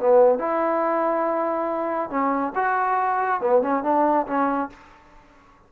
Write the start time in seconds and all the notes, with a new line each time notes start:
0.00 B3
0.39 E4
2.10 C#4
2.56 F#4
3.41 B3
3.62 C#4
3.84 D4
4.27 C#4